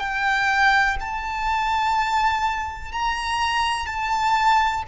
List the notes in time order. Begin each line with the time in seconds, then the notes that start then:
0.00 G5
1.00 A5
2.92 A#5
3.86 A5